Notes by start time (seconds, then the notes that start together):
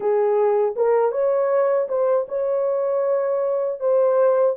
0.00 G#4
0.76 A#4
1.11 C#5
1.88 C5
2.28 C#5
3.80 C5